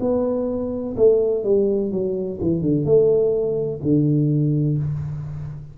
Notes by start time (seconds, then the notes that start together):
0.00 B3
0.97 A3
1.44 G3
1.91 F#3
2.41 E3
2.61 D3
2.85 A3
3.83 D3